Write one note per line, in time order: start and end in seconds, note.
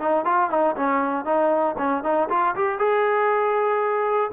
0.00 0.25 D#4
0.25 0.50 F4
0.50 0.76 D#4
0.77 1.25 C#4
1.25 1.76 D#4
1.78 2.04 C#4
2.04 2.29 D#4
2.30 2.55 F4
2.56 2.79 G4
2.79 4.31 G#4